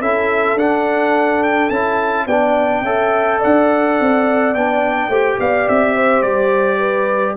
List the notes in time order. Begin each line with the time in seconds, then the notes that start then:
0.00 C#4 E4 A4 E5
0.55 D4 F#5
1.43 G5
1.70 C#4 E4 A5
2.26 B3 D4 D5 G5
2.82 C#4 A4 E5
3.39 D4 D5 F#5
4.00 C4
4.54 B3 D4 G5
5.08 A3 G4 C5
5.39 B3 D5 F5
5.68 C4 E5
5.96 C5
6.22 G3 D5
6.78 B4